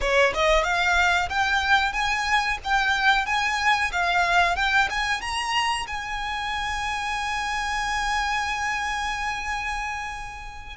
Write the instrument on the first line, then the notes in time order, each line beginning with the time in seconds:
violin
0.00 C#5
0.34 D#5
0.63 F5
1.29 G5
1.92 G#5
2.64 G5
3.26 G#5
3.92 F5
4.56 G5
4.90 G#5
5.21 A#5
5.87 G#5